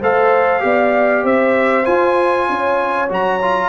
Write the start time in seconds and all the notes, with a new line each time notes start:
0.00 A3 A4 C5 F5
0.60 B3 G4 D5
1.24 C4 C5 E5
1.85 F4 G#5
2.49 C#4 C#5
3.09 F#3 F#4 A#5
3.42 F4